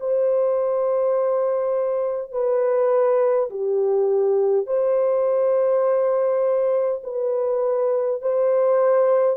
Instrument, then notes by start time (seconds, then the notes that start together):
horn
0.00 C5
2.32 B4
3.50 G4
4.66 C5
7.04 B4
8.22 C5